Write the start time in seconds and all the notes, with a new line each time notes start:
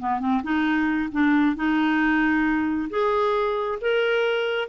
0.00 B3
0.20 C4
0.43 D#4
1.13 D4
1.56 D#4
2.90 G#4
3.81 A#4